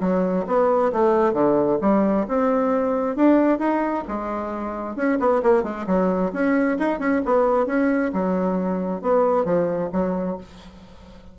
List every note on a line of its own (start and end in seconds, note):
0.00 0.45 F#3
0.47 0.92 B3
0.92 1.33 A3
1.33 1.78 D3
1.81 2.26 G3
2.28 3.16 C4
3.16 3.58 D4
3.58 4.04 D#4
4.07 4.95 G#3
4.95 5.18 C#4
5.19 5.42 B3
5.42 5.63 A#3
5.63 5.85 G#3
5.86 6.31 F#3
6.32 6.78 C#4
6.78 6.99 D#4
6.99 7.21 C#4
7.25 7.66 B3
7.66 8.11 C#4
8.13 9.01 F#3
9.01 9.44 B3
9.44 9.90 F3
9.92 10.37 F#3